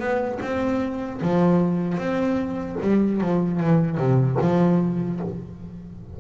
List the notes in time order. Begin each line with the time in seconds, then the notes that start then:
0.00 B3
0.42 C4
1.22 F3
1.98 C4
2.82 G3
3.22 F3
3.60 E3
3.98 C3
4.42 F3